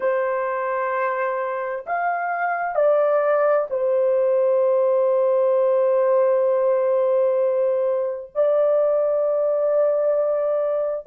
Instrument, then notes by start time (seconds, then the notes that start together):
horn
0.00 C5
1.86 F5
2.75 D5
3.70 C5
8.34 D5